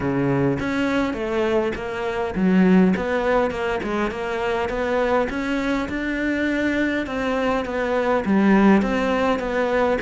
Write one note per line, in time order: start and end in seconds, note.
0.00 0.58 C#3
0.59 1.13 C#4
1.13 1.72 A3
1.75 2.34 A#3
2.35 2.94 F#3
2.96 3.50 B3
3.50 3.80 A#3
3.83 4.10 G#3
4.10 4.69 A#3
4.69 5.28 B3
5.29 5.88 C#4
5.88 7.06 D4
7.06 7.65 C4
7.65 8.24 B3
8.25 8.82 G3
8.82 9.39 C4
9.39 9.98 B3